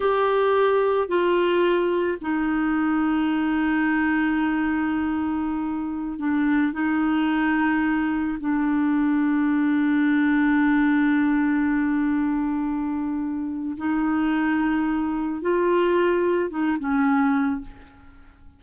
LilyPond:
\new Staff \with { instrumentName = "clarinet" } { \time 4/4 \tempo 4 = 109 g'2 f'2 | dis'1~ | dis'2.~ dis'16 d'8.~ | d'16 dis'2. d'8.~ |
d'1~ | d'1~ | d'4 dis'2. | f'2 dis'8 cis'4. | }